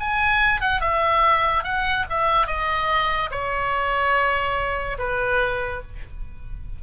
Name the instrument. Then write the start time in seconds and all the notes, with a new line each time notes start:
oboe
0.00 G#5
0.61 F#5
0.81 E5
1.64 F#5
2.09 E5
2.47 D#5
3.31 C#5
4.98 B4